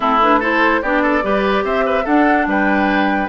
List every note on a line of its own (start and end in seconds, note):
0.00 0.81 A3
0.00 0.20 C4
0.00 0.39 E4
0.00 0.20 A4
0.22 0.41 D4
0.22 0.42 B4
0.39 0.82 E4
0.39 0.80 A4
0.39 0.82 C5
0.81 1.23 B3
0.81 1.22 D4
0.81 1.02 G4
0.81 1.64 D5
1.02 1.23 A4
1.22 1.64 G3
1.22 2.04 G4
1.22 1.64 B4
1.64 2.05 C4
1.64 1.84 C5
1.64 2.06 E5
1.85 2.04 B4
2.04 3.28 D4
2.04 2.46 D4
2.04 2.45 A4
2.04 2.47 F#5
2.46 3.28 G3
2.46 3.28 B4
2.46 3.28 G5